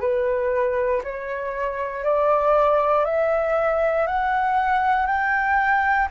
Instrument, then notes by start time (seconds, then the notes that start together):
flute
0.00 B4
1.04 C#5
2.04 D5
3.05 E5
4.07 F#5
5.06 G5